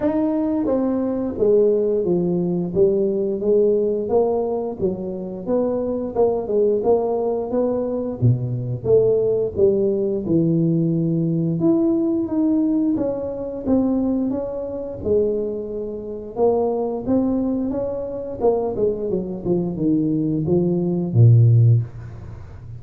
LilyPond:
\new Staff \with { instrumentName = "tuba" } { \time 4/4 \tempo 4 = 88 dis'4 c'4 gis4 f4 | g4 gis4 ais4 fis4 | b4 ais8 gis8 ais4 b4 | b,4 a4 g4 e4~ |
e4 e'4 dis'4 cis'4 | c'4 cis'4 gis2 | ais4 c'4 cis'4 ais8 gis8 | fis8 f8 dis4 f4 ais,4 | }